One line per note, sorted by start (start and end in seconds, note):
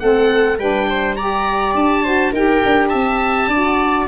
0.00 0.59 A3
0.00 0.59 C4
0.00 0.59 A4
0.00 0.58 F#5
0.59 1.75 G3
0.59 1.17 D4
0.59 0.88 B4
0.59 1.16 G5
0.90 1.17 C5
1.16 2.05 G4
1.16 2.04 D5
1.16 1.74 A#5
1.75 2.33 D4
1.75 2.34 A5
2.04 2.34 F#4
2.04 2.32 C5
2.32 2.62 D#4
2.32 3.51 G4
2.32 2.90 A#4
2.32 2.89 G5
2.65 2.94 D4
2.89 3.48 C4
2.89 3.48 E5
2.89 4.05 A5
3.48 4.06 D4
3.48 4.08 D5
3.54 4.08 F#4